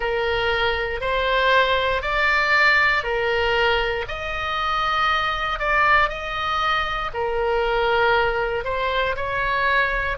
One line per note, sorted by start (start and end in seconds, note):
0.00 1.00 A#4
1.00 2.02 C5
2.02 3.03 D5
3.03 4.05 A#4
4.08 5.59 D#5
5.59 6.09 D5
6.09 7.10 D#5
7.13 8.64 A#4
8.64 9.15 C5
9.16 10.17 C#5